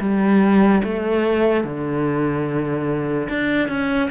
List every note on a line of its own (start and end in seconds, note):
0.00 0.82 G3
0.84 1.64 A3
1.64 3.28 D3
3.29 3.68 D4
3.68 4.09 C#4